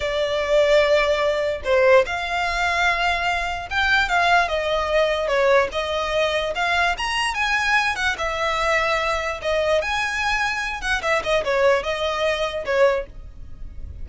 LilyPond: \new Staff \with { instrumentName = "violin" } { \time 4/4 \tempo 4 = 147 d''1 | c''4 f''2.~ | f''4 g''4 f''4 dis''4~ | dis''4 cis''4 dis''2 |
f''4 ais''4 gis''4. fis''8 | e''2. dis''4 | gis''2~ gis''8 fis''8 e''8 dis''8 | cis''4 dis''2 cis''4 | }